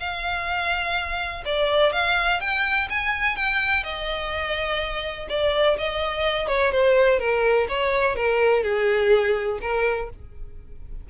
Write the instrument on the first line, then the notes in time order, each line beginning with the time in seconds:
violin
0.00 F5
1.46 D5
1.93 F5
2.41 G5
2.90 G#5
3.36 G5
3.84 D#5
5.30 D5
5.79 D#5
6.48 C#5
6.72 C5
7.20 A#4
7.69 C#5
8.16 A#4
8.64 G#4
9.62 A#4